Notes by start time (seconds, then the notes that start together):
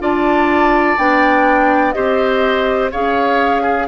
0.00 D4 F4 D5 A5
0.98 B3 D4 G5
1.93 C4 G4 C5 D#5
2.92 C#4 G#4 C#5 F5
3.63 G#4